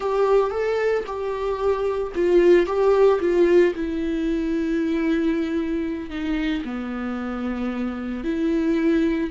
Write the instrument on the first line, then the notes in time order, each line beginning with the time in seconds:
viola
0.00 G4
0.50 A4
1.06 G4
2.15 F4
2.66 G4
3.20 F4
3.75 E4
6.09 D#4
6.65 B3
8.24 E4